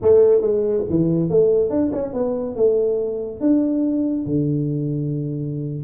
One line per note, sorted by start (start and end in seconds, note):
0.02 0.41 A3
0.41 0.83 G#3
0.89 1.29 E3
1.29 1.69 A3
1.69 1.91 D4
1.92 2.13 C#4
2.13 2.55 B3
2.55 3.40 A3
3.40 4.25 D4
4.25 5.84 D3